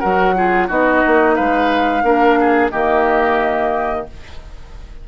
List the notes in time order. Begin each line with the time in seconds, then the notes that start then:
0.00 F#3 F#4 A#4 F#5
0.36 F4 G#4
0.68 B3 D#4 F#4 D#5
1.07 A#3
1.36 G#3 B4 F5
2.03 A#3 D4 A#4
2.41 G#4
2.72 D#3 A#3 G4 D#5